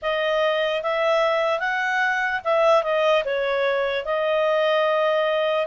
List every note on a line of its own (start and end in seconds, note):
0.01 0.83 D#5
0.83 1.59 E5
1.59 2.40 F#5
2.44 2.83 E5
2.83 3.23 D#5
3.24 4.05 C#5
4.05 5.66 D#5